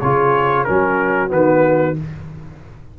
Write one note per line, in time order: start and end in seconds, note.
0.00 0.67 C#3
0.00 0.67 F4
0.00 0.66 G#4
0.00 0.64 C#5
0.64 1.31 F#3
0.64 1.28 C#4
0.64 1.99 F#4
0.64 1.29 A#4
1.28 1.96 D#3
1.28 1.93 B3
1.28 1.97 B4